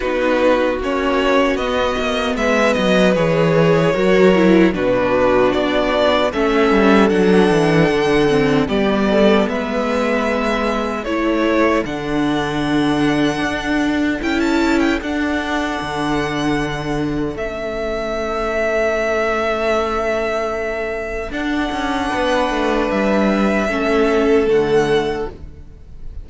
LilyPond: <<
  \new Staff \with { instrumentName = "violin" } { \time 4/4 \tempo 4 = 76 b'4 cis''4 dis''4 e''8 dis''8 | cis''2 b'4 d''4 | e''4 fis''2 d''4 | e''2 cis''4 fis''4~ |
fis''2 g''16 a''8 g''16 fis''4~ | fis''2 e''2~ | e''2. fis''4~ | fis''4 e''2 fis''4 | }
  \new Staff \with { instrumentName = "violin" } { \time 4/4 fis'2. b'4~ | b'4 ais'4 fis'2 | a'2. g'8 a'8 | b'2 a'2~ |
a'1~ | a'1~ | a'1 | b'2 a'2 | }
  \new Staff \with { instrumentName = "viola" } { \time 4/4 dis'4 cis'4 b2 | gis'4 fis'8 e'8 d'2 | cis'4 d'4. c'8 b4~ | b2 e'4 d'4~ |
d'2 e'4 d'4~ | d'2 cis'2~ | cis'2. d'4~ | d'2 cis'4 a4 | }
  \new Staff \with { instrumentName = "cello" } { \time 4/4 b4 ais4 b8 ais8 gis8 fis8 | e4 fis4 b,4 b4 | a8 g8 fis8 e8 d4 g4 | gis2 a4 d4~ |
d4 d'4 cis'4 d'4 | d2 a2~ | a2. d'8 cis'8 | b8 a8 g4 a4 d4 | }
>>